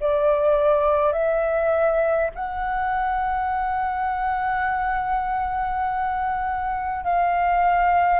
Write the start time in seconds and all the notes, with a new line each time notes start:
0.00 D5
1.12 E5
2.35 F#5
7.04 F5